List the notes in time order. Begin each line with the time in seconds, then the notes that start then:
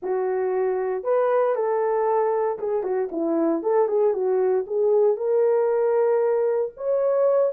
0.02 F#4
1.03 B4
1.55 A4
2.58 G#4
2.83 F#4
3.11 E4
3.62 A4
3.88 G#4
4.13 F#4
4.66 G#4
5.16 A#4
6.76 C#5